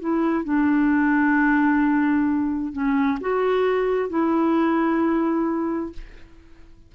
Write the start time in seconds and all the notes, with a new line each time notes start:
0.00 E4
0.44 D4
2.73 C#4
3.21 F#4
4.10 E4